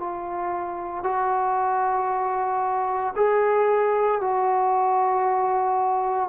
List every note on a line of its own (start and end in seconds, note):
0.00 1.04 F4
1.04 3.14 F#4
3.16 4.22 G#4
4.22 6.30 F#4